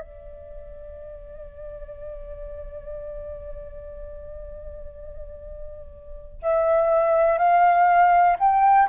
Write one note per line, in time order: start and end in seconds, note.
0.00 6.39 D5
6.42 7.38 E5
7.38 8.36 F5
8.39 8.88 G5